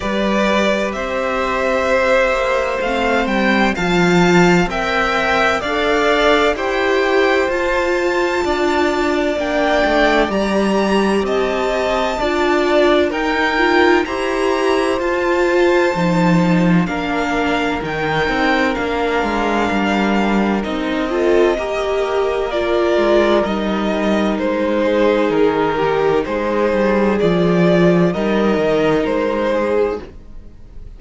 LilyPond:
<<
  \new Staff \with { instrumentName = "violin" } { \time 4/4 \tempo 4 = 64 d''4 e''2 f''8 g''8 | a''4 g''4 f''4 g''4 | a''2 g''4 ais''4 | a''2 g''4 ais''4 |
a''2 f''4 g''4 | f''2 dis''2 | d''4 dis''4 c''4 ais'4 | c''4 d''4 dis''4 c''4 | }
  \new Staff \with { instrumentName = "violin" } { \time 4/4 b'4 c''2. | f''4 e''4 d''4 c''4~ | c''4 d''2. | dis''4 d''4 ais'4 c''4~ |
c''2 ais'2~ | ais'2~ ais'8 a'8 ais'4~ | ais'2~ ais'8 gis'4 g'8 | gis'2 ais'4. gis'8 | }
  \new Staff \with { instrumentName = "viola" } { \time 4/4 g'2. c'4 | f'4 ais'4 a'4 g'4 | f'2 d'4 g'4~ | g'4 f'4 dis'8 f'8 g'4 |
f'4 dis'4 d'4 dis'4 | d'2 dis'8 f'8 g'4 | f'4 dis'2.~ | dis'4 f'4 dis'2 | }
  \new Staff \with { instrumentName = "cello" } { \time 4/4 g4 c'4. ais8 a8 g8 | f4 c'4 d'4 e'4 | f'4 d'4 ais8 a8 g4 | c'4 d'4 dis'4 e'4 |
f'4 f4 ais4 dis8 c'8 | ais8 gis8 g4 c'4 ais4~ | ais8 gis8 g4 gis4 dis4 | gis8 g8 f4 g8 dis8 gis4 | }
>>